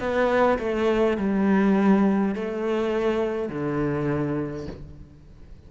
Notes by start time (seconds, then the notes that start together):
0.00 B3
0.59 A3
1.18 G3
2.35 A3
3.50 D3